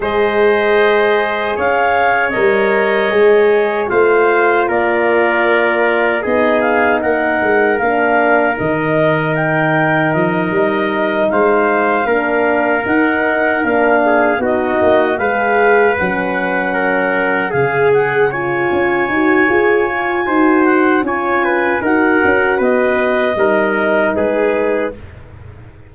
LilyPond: <<
  \new Staff \with { instrumentName = "clarinet" } { \time 4/4 \tempo 4 = 77 dis''2 f''4 dis''4~ | dis''4 f''4 d''2 | dis''8 f''8 fis''4 f''4 dis''4 | g''4 dis''4. f''4.~ |
f''8 fis''4 f''4 dis''4 f''8~ | f''8 fis''2 f''8 fis''8 gis''8~ | gis''2~ gis''8 fis''8 gis''4 | fis''4 dis''2 b'4 | }
  \new Staff \with { instrumentName = "trumpet" } { \time 4/4 c''2 cis''2~ | cis''4 c''4 ais'2 | gis'4 ais'2.~ | ais'2~ ais'8 c''4 ais'8~ |
ais'2 gis'8 fis'4 b'8~ | b'4. ais'4 gis'4 cis''8~ | cis''2 c''4 cis''8 b'8 | ais'4 b'4 ais'4 gis'4 | }
  \new Staff \with { instrumentName = "horn" } { \time 4/4 gis'2. ais'4 | gis'4 f'2. | dis'2 d'4 dis'4~ | dis'2.~ dis'8 d'8~ |
d'8 dis'4 d'4 dis'4 gis'8~ | gis'8 cis'2 gis'4 f'8~ | f'8 fis'8 gis'8 f'8 fis'4 f'4 | fis'2 dis'2 | }
  \new Staff \with { instrumentName = "tuba" } { \time 4/4 gis2 cis'4 g4 | gis4 a4 ais2 | b4 ais8 gis8 ais4 dis4~ | dis4 f8 g4 gis4 ais8~ |
ais8 dis'4 ais4 b8 ais8 gis8~ | gis8 fis2 cis4. | cis'8 dis'8 f'4 dis'4 cis'4 | dis'8 cis'8 b4 g4 gis4 | }
>>